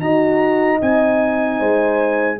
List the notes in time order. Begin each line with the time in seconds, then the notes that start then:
0.00 D#4 F#4 D#5 A#5
0.78 C4 D#4 G#5
1.60 G#3 C5